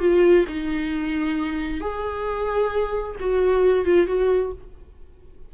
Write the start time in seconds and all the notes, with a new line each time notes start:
0.00 F4
0.48 D#4
1.81 G#4
3.20 F#4
3.85 F4
4.07 F#4